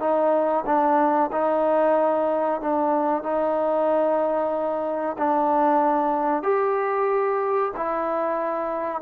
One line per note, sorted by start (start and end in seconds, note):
0.00 0.65 D#4
0.66 1.31 D4
1.32 2.61 D#4
2.61 3.23 D4
3.23 5.17 D#4
5.18 6.43 D4
6.43 7.72 G4
7.77 9.02 E4